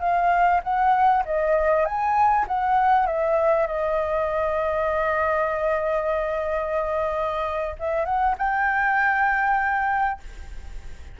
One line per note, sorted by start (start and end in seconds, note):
0.00 0.61 F5
0.63 1.24 F#5
1.25 1.85 D#5
1.85 2.45 G#5
2.47 3.06 F#5
3.06 3.67 E5
3.67 7.76 D#5
7.79 8.05 E5
8.05 8.36 F#5
8.38 10.20 G5